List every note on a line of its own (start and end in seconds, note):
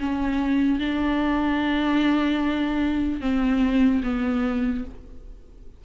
0.00 0.80 C#4
0.80 3.21 D4
3.21 4.02 C4
4.04 4.85 B3